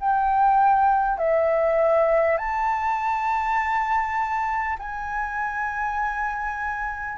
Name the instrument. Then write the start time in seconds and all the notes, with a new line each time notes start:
flute
0.00 G5
1.18 E5
2.37 A5
4.79 G#5